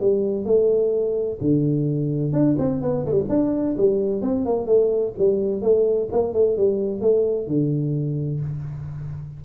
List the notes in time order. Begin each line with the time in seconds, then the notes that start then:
0.00 G3
0.45 A3
1.41 D3
2.32 D4
2.58 C4
2.82 B3
3.06 A3
3.12 G3
3.29 D4
3.77 G3
4.22 C4
4.45 A#3
4.66 A3
5.18 G3
5.62 A3
6.11 A#3
6.33 A3
6.57 G3
7.01 A3
7.47 D3